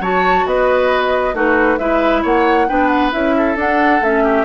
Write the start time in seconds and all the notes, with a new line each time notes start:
0.00 F#3 F#4 C#5 A5
0.46 B3 B4 D#5
1.33 A3 D#4 F#4 B4
1.78 G#3 E4 B4 E5
2.22 A#3 C#5 F#5
2.68 B3 D4 B4 G5
2.88 F#5
3.12 C#4 E4 E5
3.37 A4
3.56 D4 F#5
4.00 A3 C#4 E5
4.24 G4